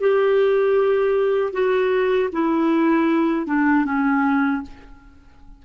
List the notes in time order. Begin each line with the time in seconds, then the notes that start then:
0.00 G4
1.52 F#4
2.32 E4
3.46 D4
3.85 C#4